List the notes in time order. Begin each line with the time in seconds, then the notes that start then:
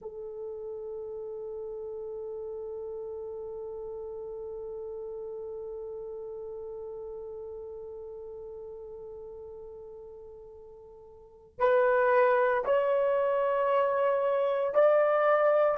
0.01 A4
11.58 B4
12.65 C#5
14.74 D5